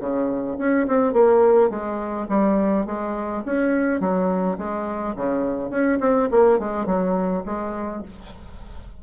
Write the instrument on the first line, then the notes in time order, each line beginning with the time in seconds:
bassoon
0.00 C#3
0.59 C#4
0.88 C4
1.14 A#3
1.70 G#3
2.29 G3
2.86 G#3
3.46 C#4
4.01 F#3
4.58 G#3
5.16 C#3
5.71 C#4
6.01 C4
6.31 A#3
6.59 G#3
6.86 F#3
7.46 G#3